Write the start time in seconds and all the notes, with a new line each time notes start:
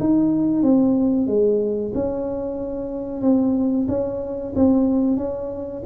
0.00 D#4
0.63 C4
1.27 G#3
1.94 C#4
3.22 C4
3.88 C#4
4.55 C4
5.17 C#4